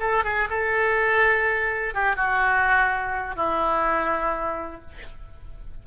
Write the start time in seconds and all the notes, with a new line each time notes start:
0.00 A4
0.24 G#4
0.50 A4
1.94 G4
2.16 F#4
3.36 E4